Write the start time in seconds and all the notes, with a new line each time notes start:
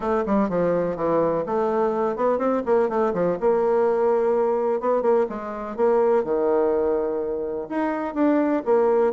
0.00 A3
0.26 G3
0.49 F3
0.96 E3
1.45 A3
2.16 B3
2.38 C4
2.65 A#3
2.89 A3
3.13 F3
3.40 A#3
4.80 B3
5.02 A#3
5.29 G#3
5.76 A#3
6.24 D#3
7.69 D#4
8.14 D4
8.65 A#3